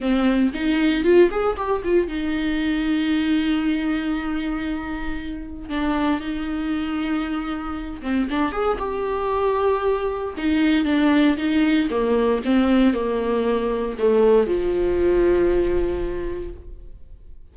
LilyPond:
\new Staff \with { instrumentName = "viola" } { \time 4/4 \tempo 4 = 116 c'4 dis'4 f'8 gis'8 g'8 f'8 | dis'1~ | dis'2. d'4 | dis'2.~ dis'8 c'8 |
d'8 gis'8 g'2. | dis'4 d'4 dis'4 ais4 | c'4 ais2 a4 | f1 | }